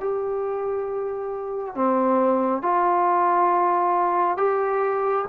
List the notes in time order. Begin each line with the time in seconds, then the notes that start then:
0.00 G4
1.75 C4
2.62 F4
4.37 G4